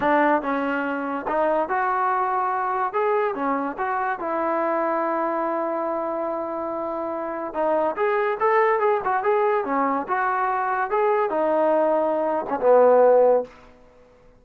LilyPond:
\new Staff \with { instrumentName = "trombone" } { \time 4/4 \tempo 4 = 143 d'4 cis'2 dis'4 | fis'2. gis'4 | cis'4 fis'4 e'2~ | e'1~ |
e'2 dis'4 gis'4 | a'4 gis'8 fis'8 gis'4 cis'4 | fis'2 gis'4 dis'4~ | dis'4.~ dis'16 cis'16 b2 | }